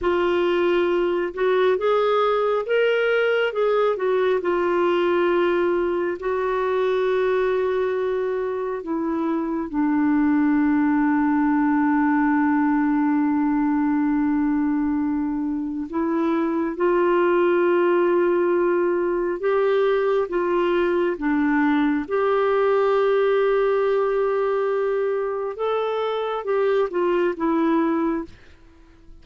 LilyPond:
\new Staff \with { instrumentName = "clarinet" } { \time 4/4 \tempo 4 = 68 f'4. fis'8 gis'4 ais'4 | gis'8 fis'8 f'2 fis'4~ | fis'2 e'4 d'4~ | d'1~ |
d'2 e'4 f'4~ | f'2 g'4 f'4 | d'4 g'2.~ | g'4 a'4 g'8 f'8 e'4 | }